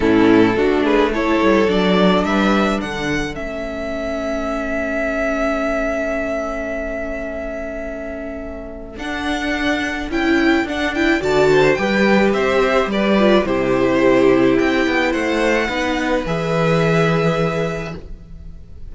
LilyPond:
<<
  \new Staff \with { instrumentName = "violin" } { \time 4/4 \tempo 4 = 107 a'4. b'8 cis''4 d''4 | e''4 fis''4 e''2~ | e''1~ | e''1 |
fis''2 g''4 fis''8 g''8 | a''4 g''4 e''4 d''4 | c''2 g''4 fis''4~ | fis''4 e''2. | }
  \new Staff \with { instrumentName = "violin" } { \time 4/4 e'4 fis'8 gis'8 a'2 | b'4 a'2.~ | a'1~ | a'1~ |
a'1 | d''8 c''8 b'4 c''4 b'4 | g'2. c''4 | b'1 | }
  \new Staff \with { instrumentName = "viola" } { \time 4/4 cis'4 d'4 e'4 d'4~ | d'2 cis'2~ | cis'1~ | cis'1 |
d'2 e'4 d'8 e'8 | fis'4 g'2~ g'8 f'8 | e'1 | dis'4 gis'2. | }
  \new Staff \with { instrumentName = "cello" } { \time 4/4 a,4 a4. g8 fis4 | g4 d4 a2~ | a1~ | a1 |
d'2 cis'4 d'4 | d4 g4 c'4 g4 | c2 c'8 b8 a4 | b4 e2. | }
>>